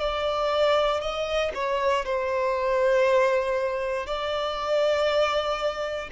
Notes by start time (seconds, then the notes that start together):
0.00 D5
1.01 D#5
1.54 C#5
2.06 C5
4.06 D5